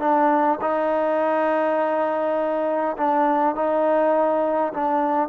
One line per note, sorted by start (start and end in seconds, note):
0.00 0.59 D4
0.61 2.97 D#4
2.97 3.55 D4
3.55 4.73 D#4
4.74 5.29 D4